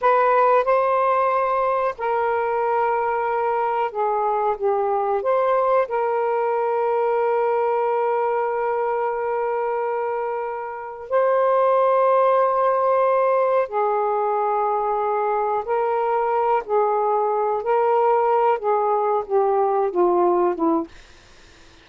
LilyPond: \new Staff \with { instrumentName = "saxophone" } { \time 4/4 \tempo 4 = 92 b'4 c''2 ais'4~ | ais'2 gis'4 g'4 | c''4 ais'2.~ | ais'1~ |
ais'4 c''2.~ | c''4 gis'2. | ais'4. gis'4. ais'4~ | ais'8 gis'4 g'4 f'4 e'8 | }